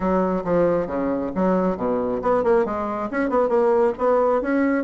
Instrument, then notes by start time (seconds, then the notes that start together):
bassoon
0.00 F#3
0.44 F3
0.86 C#3
1.35 F#3
1.76 B2
2.22 B3
2.43 A#3
2.65 G#3
3.10 C#4
3.29 B3
3.49 A#3
3.97 B3
4.41 C#4